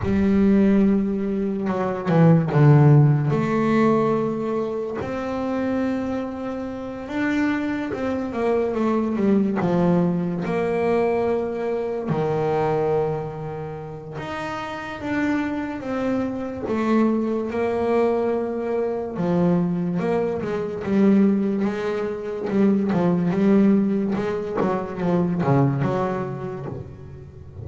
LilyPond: \new Staff \with { instrumentName = "double bass" } { \time 4/4 \tempo 4 = 72 g2 fis8 e8 d4 | a2 c'2~ | c'8 d'4 c'8 ais8 a8 g8 f8~ | f8 ais2 dis4.~ |
dis4 dis'4 d'4 c'4 | a4 ais2 f4 | ais8 gis8 g4 gis4 g8 f8 | g4 gis8 fis8 f8 cis8 fis4 | }